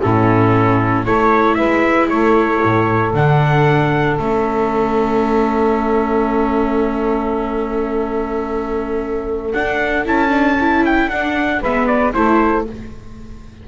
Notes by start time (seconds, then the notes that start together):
0.00 A2 C#4 E4 A4
1.05 A3 E4 A4 C#5
1.54 G#3 B4 E5
2.08 A3 A4 C#5
2.63 A2
3.13 D3 D4 F#5
4.17 A3 C#4 E5
9.52 D4 F#5
10.05 C#4 E4 A5
10.28 D4
10.60 E4
10.85 G5
11.07 D4 F#5
11.60 G#3 B3 B4 E5
11.87 D5
12.13 A3 E4 A4 C5